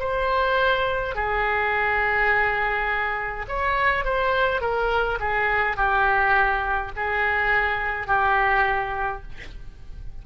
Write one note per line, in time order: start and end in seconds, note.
0.00 1.15 C5
1.15 3.46 G#4
3.49 4.05 C#5
4.05 4.62 C5
4.62 5.19 A#4
5.20 5.77 G#4
5.77 6.92 G4
6.97 8.08 G#4
8.08 9.23 G4